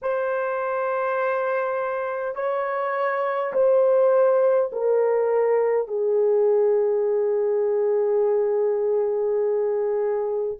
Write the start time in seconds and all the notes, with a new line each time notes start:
0.02 C5
2.35 C#5
3.53 C5
4.72 A#4
5.87 G#4